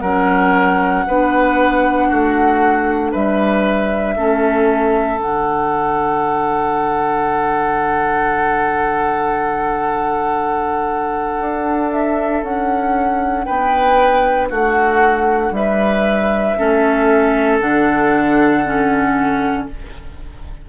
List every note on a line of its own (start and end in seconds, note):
0.00 1.05 F#3
0.00 1.07 C#4
0.00 1.04 A#4
0.00 3.10 F#5
1.06 2.10 B3
1.06 4.17 D4
1.06 2.08 B4
2.08 3.14 A3
2.08 3.11 F#4
3.11 4.16 G3
3.11 4.14 B4
3.11 5.20 E5
4.16 5.19 A3
4.16 5.20 C#4
4.16 13.45 A4
5.19 11.39 D3
5.19 16.58 D4
5.19 11.91 F#5
11.39 12.42 D4
11.91 12.43 E5
12.42 13.46 C#4
12.42 13.44 F#5
13.44 14.50 B3
13.44 14.48 B4
13.44 14.48 G5
14.49 15.51 A3
14.49 15.52 F#4
14.49 15.53 F#5
15.51 16.54 G3
15.51 16.58 B4
15.51 17.59 E5
16.58 17.61 A3
16.58 17.61 C#4
16.58 19.68 A4
17.59 19.67 D3
17.59 18.64 D4
17.59 19.66 F#5
18.65 19.69 C#4